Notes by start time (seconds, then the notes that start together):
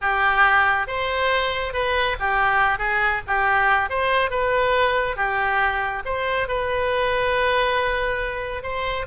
0.01 G4
0.87 C5
1.73 B4
2.19 G4
2.78 G#4
3.27 G4
3.89 C5
4.30 B4
5.16 G4
6.05 C5
6.47 B4
8.62 C5